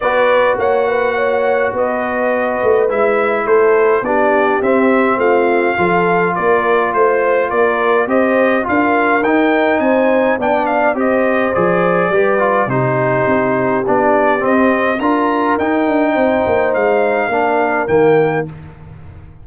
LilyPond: <<
  \new Staff \with { instrumentName = "trumpet" } { \time 4/4 \tempo 4 = 104 d''4 fis''2 dis''4~ | dis''4 e''4 c''4 d''4 | e''4 f''2 d''4 | c''4 d''4 dis''4 f''4 |
g''4 gis''4 g''8 f''8 dis''4 | d''2 c''2 | d''4 dis''4 ais''4 g''4~ | g''4 f''2 g''4 | }
  \new Staff \with { instrumentName = "horn" } { \time 4/4 b'4 cis''8 b'8 cis''4 b'4~ | b'2 a'4 g'4~ | g'4 f'4 a'4 ais'4 | c''4 ais'4 c''4 ais'4~ |
ais'4 c''4 d''4 c''4~ | c''4 b'4 g'2~ | g'2 ais'2 | c''2 ais'2 | }
  \new Staff \with { instrumentName = "trombone" } { \time 4/4 fis'1~ | fis'4 e'2 d'4 | c'2 f'2~ | f'2 g'4 f'4 |
dis'2 d'4 g'4 | gis'4 g'8 f'8 dis'2 | d'4 c'4 f'4 dis'4~ | dis'2 d'4 ais4 | }
  \new Staff \with { instrumentName = "tuba" } { \time 4/4 b4 ais2 b4~ | b8 a8 gis4 a4 b4 | c'4 a4 f4 ais4 | a4 ais4 c'4 d'4 |
dis'4 c'4 b4 c'4 | f4 g4 c4 c'4 | b4 c'4 d'4 dis'8 d'8 | c'8 ais8 gis4 ais4 dis4 | }
>>